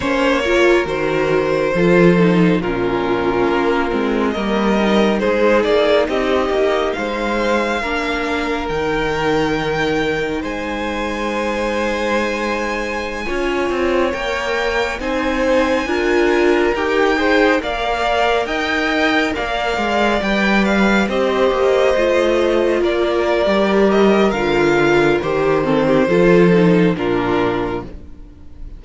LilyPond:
<<
  \new Staff \with { instrumentName = "violin" } { \time 4/4 \tempo 4 = 69 cis''4 c''2 ais'4~ | ais'4 dis''4 c''8 d''8 dis''4 | f''2 g''2 | gis''1~ |
gis''16 g''4 gis''2 g''8.~ | g''16 f''4 g''4 f''4 g''8 f''16~ | f''16 dis''2 d''4~ d''16 dis''8 | f''4 c''2 ais'4 | }
  \new Staff \with { instrumentName = "violin" } { \time 4/4 c''8 ais'4. a'4 f'4~ | f'4 ais'4 gis'4 g'4 | c''4 ais'2. | c''2.~ c''16 cis''8.~ |
cis''4~ cis''16 c''4 ais'4. c''16~ | c''16 d''4 dis''4 d''4.~ d''16~ | d''16 c''2 ais'4.~ ais'16~ | ais'4. a'16 g'16 a'4 f'4 | }
  \new Staff \with { instrumentName = "viola" } { \time 4/4 cis'8 f'8 fis'4 f'8 dis'8 cis'4~ | cis'8 c'8 ais8 dis'2~ dis'8~ | dis'4 d'4 dis'2~ | dis'2.~ dis'16 f'8.~ |
f'16 ais'4 dis'4 f'4 g'8 gis'16~ | gis'16 ais'2. b'8.~ | b'16 g'4 f'4.~ f'16 g'4 | f'4 g'8 c'8 f'8 dis'8 d'4 | }
  \new Staff \with { instrumentName = "cello" } { \time 4/4 ais4 dis4 f4 ais,4 | ais8 gis8 g4 gis8 ais8 c'8 ais8 | gis4 ais4 dis2 | gis2.~ gis16 cis'8 c'16~ |
c'16 ais4 c'4 d'4 dis'8.~ | dis'16 ais4 dis'4 ais8 gis8 g8.~ | g16 c'8 ais8 a4 ais8. g4 | d4 dis4 f4 ais,4 | }
>>